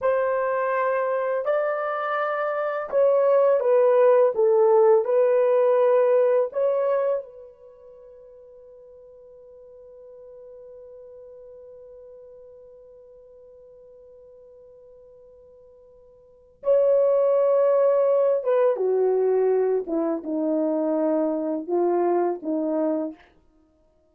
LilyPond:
\new Staff \with { instrumentName = "horn" } { \time 4/4 \tempo 4 = 83 c''2 d''2 | cis''4 b'4 a'4 b'4~ | b'4 cis''4 b'2~ | b'1~ |
b'1~ | b'2. cis''4~ | cis''4. b'8 fis'4. e'8 | dis'2 f'4 dis'4 | }